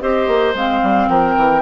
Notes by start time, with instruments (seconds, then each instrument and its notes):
0.00 bassoon C4, clarinet G4, oboe C5, flute D#5
0.27 bassoon A#3
0.54 bassoon G#3, clarinet C4, flute F5
0.82 bassoon G3
1.08 bassoon F3, oboe A#4, flute G5
1.37 bassoon E3